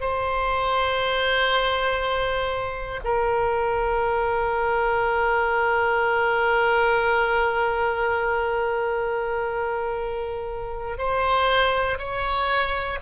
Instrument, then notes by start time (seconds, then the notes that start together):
oboe
0.00 C5
3.04 A#4
10.98 C5
11.98 C#5